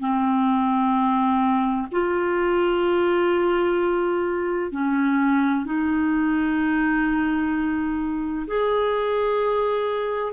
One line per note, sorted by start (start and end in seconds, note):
0.00 1.87 C4
1.92 4.72 F4
4.72 5.65 C#4
5.65 8.47 D#4
8.47 10.33 G#4